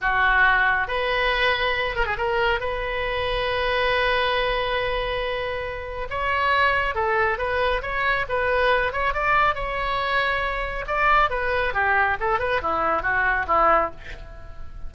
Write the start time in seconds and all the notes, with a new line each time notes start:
0.01 F#4
0.87 B4
1.95 A#4
2.06 G#4
2.17 A#4
2.60 B4
6.10 C#5
6.95 A4
7.38 B4
7.82 C#5
8.28 B4
8.92 C#5
9.13 D5
9.54 C#5
10.87 D5
11.30 B4
11.73 G4
12.20 A4
12.39 B4
12.61 E4
13.02 F#4
13.47 E4